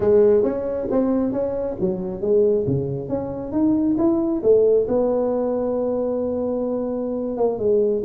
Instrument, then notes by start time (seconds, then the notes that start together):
tuba
0.00 G#3
0.43 C#4
0.90 C4
1.32 C#4
1.80 F#3
2.21 G#3
2.66 C#3
3.08 C#4
3.52 D#4
3.97 E4
4.42 A3
4.88 B3
7.37 A#3
7.58 G#3